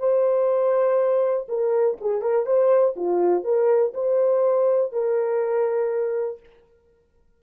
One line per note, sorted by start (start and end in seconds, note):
0.00 1.48 C5
1.49 1.98 A#4
2.01 2.22 G#4
2.22 2.47 A#4
2.47 2.96 C5
2.97 3.44 F4
3.44 3.94 A#4
3.95 4.93 C5
4.93 6.41 A#4